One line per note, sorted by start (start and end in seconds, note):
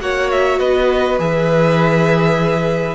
0.00 0.60 A#3
0.00 1.19 F#4
0.00 0.59 C#5
0.00 0.30 F#5
0.31 0.59 E5
0.59 1.19 B3
0.59 2.95 B4
0.59 1.18 D#5
1.19 2.95 E3
1.19 2.95 G#4
1.19 2.95 E5